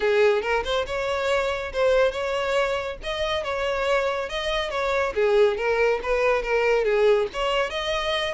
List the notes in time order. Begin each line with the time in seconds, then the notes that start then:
0.00 G#4
0.42 A#4
0.64 C5
0.86 C#5
1.72 C5
2.11 C#5
3.03 D#5
3.43 C#5
4.29 D#5
4.70 C#5
5.14 G#4
5.57 A#4
6.02 B4
6.42 A#4
6.84 G#4
7.33 C#5
7.70 D#5